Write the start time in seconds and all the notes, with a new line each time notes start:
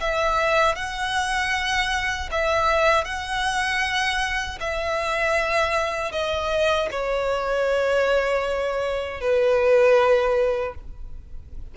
0.00 E5
0.76 F#5
2.31 E5
3.05 F#5
4.60 E5
6.12 D#5
6.91 C#5
9.21 B4